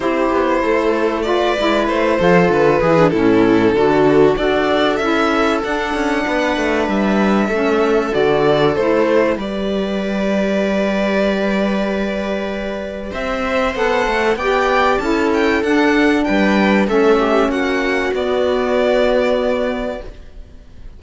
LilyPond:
<<
  \new Staff \with { instrumentName = "violin" } { \time 4/4 \tempo 4 = 96 c''2 d''4 c''4 | b'4 a'2 d''4 | e''4 fis''2 e''4~ | e''4 d''4 c''4 d''4~ |
d''1~ | d''4 e''4 fis''4 g''4 | a''8 g''8 fis''4 g''4 e''4 | fis''4 d''2. | }
  \new Staff \with { instrumentName = "viola" } { \time 4/4 g'4 a'4 b'4. a'8~ | a'8 gis'8 e'4 fis'4 a'4~ | a'2 b'2 | a'2. b'4~ |
b'1~ | b'4 c''2 d''4 | a'2 b'4 a'8 g'8 | fis'1 | }
  \new Staff \with { instrumentName = "saxophone" } { \time 4/4 e'2 f'8 e'4 f'8~ | f'8 e'16 d'16 cis'4 d'4 fis'4 | e'4 d'2. | cis'4 fis'4 e'4 g'4~ |
g'1~ | g'2 a'4 g'4 | e'4 d'2 cis'4~ | cis'4 b2. | }
  \new Staff \with { instrumentName = "cello" } { \time 4/4 c'8 b8 a4. gis8 a8 f8 | d8 e8 a,4 d4 d'4 | cis'4 d'8 cis'8 b8 a8 g4 | a4 d4 a4 g4~ |
g1~ | g4 c'4 b8 a8 b4 | cis'4 d'4 g4 a4 | ais4 b2. | }
>>